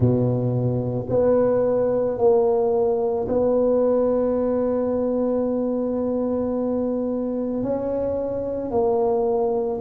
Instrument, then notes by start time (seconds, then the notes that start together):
tuba
0.00 B2
1.09 B3
2.18 A#3
3.28 B3
7.63 C#4
8.70 A#3